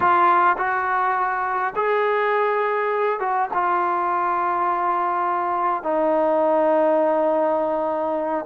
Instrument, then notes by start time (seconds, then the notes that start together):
trombone
0.00 F4
0.57 F#4
1.75 G#4
3.19 F#4
3.53 F4
5.83 D#4